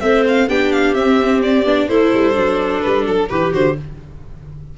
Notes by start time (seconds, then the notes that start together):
0.00 A3 C4 C5 E5
0.28 F5
0.48 B3 D4 G4 G5
0.72 F5
0.94 C4 E5
1.42 D5
1.65 B3 D4
1.88 A3 E4 A4 C5
2.13 G3
2.33 F#3 D4
2.81 G3 B4
3.05 F#3 A4
3.29 E3 G4 B4
3.52 D3 F#4 C5